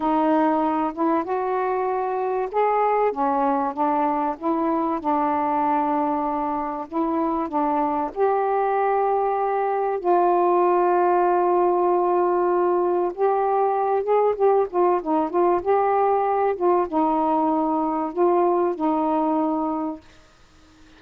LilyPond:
\new Staff \with { instrumentName = "saxophone" } { \time 4/4 \tempo 4 = 96 dis'4. e'8 fis'2 | gis'4 cis'4 d'4 e'4 | d'2. e'4 | d'4 g'2. |
f'1~ | f'4 g'4. gis'8 g'8 f'8 | dis'8 f'8 g'4. f'8 dis'4~ | dis'4 f'4 dis'2 | }